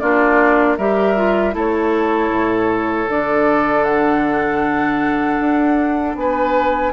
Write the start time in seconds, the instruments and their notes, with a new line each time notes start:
0.00 bassoon A#3, clarinet D4, oboe F4, flute D5
0.78 bassoon G3, clarinet G4, oboe A#4, flute E5
1.17 clarinet F4
1.52 bassoon A3, clarinet E4, oboe A4, flute C#5
2.30 bassoon A2
3.09 bassoon D3, clarinet D4, flute D5
3.84 flute F#5
5.39 bassoon D4
6.15 bassoon B3, oboe B4, flute G#5